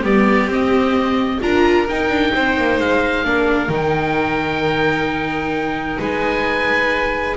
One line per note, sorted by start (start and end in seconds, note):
0.00 0.47 G3
0.00 0.48 B3
0.00 1.37 G4
0.00 0.50 D5
0.47 1.39 C4
0.47 1.41 D#5
1.41 1.88 D4
1.41 1.87 F4
1.41 2.34 A#4
1.41 1.87 A#5
1.87 3.24 D#4
1.87 2.09 D#4
1.87 2.80 G5
2.09 2.32 D4
2.34 2.57 C4
2.34 3.26 C5
2.57 2.79 A#3
2.79 3.24 G#3
2.79 3.71 F5
3.24 3.68 A#3
3.24 3.67 D4
3.24 5.99 A#4
3.67 5.97 D#3
3.67 7.34 D#4
3.73 6.02 G5
5.98 7.36 G#3
5.98 7.36 B4
5.98 7.36 G#5